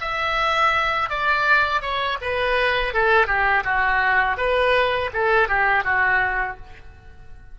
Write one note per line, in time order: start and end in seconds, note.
0.00 1.09 E5
1.09 1.81 D5
1.81 2.18 C#5
2.21 2.93 B4
2.93 3.27 A4
3.27 3.63 G4
3.64 4.37 F#4
4.37 5.10 B4
5.13 5.48 A4
5.48 5.84 G4
5.84 6.57 F#4